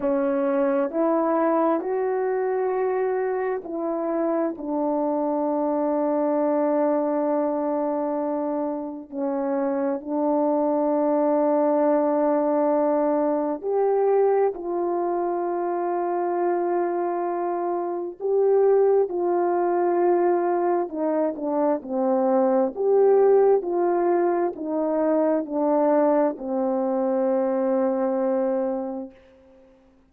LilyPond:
\new Staff \with { instrumentName = "horn" } { \time 4/4 \tempo 4 = 66 cis'4 e'4 fis'2 | e'4 d'2.~ | d'2 cis'4 d'4~ | d'2. g'4 |
f'1 | g'4 f'2 dis'8 d'8 | c'4 g'4 f'4 dis'4 | d'4 c'2. | }